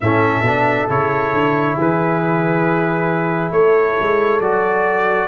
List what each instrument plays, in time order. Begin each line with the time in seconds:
0.01 tuba A2, trombone C#4, horn A4, trumpet E5
0.41 tuba B2, trombone D4
0.88 tuba C#3, trombone E4, trumpet C#5
1.32 tuba D3
1.76 tuba E3, horn G#4, trumpet B4
3.51 tuba A3, horn A4, trumpet C#5
3.99 tuba G#3
4.40 tuba F#3, trombone F#4, trumpet D5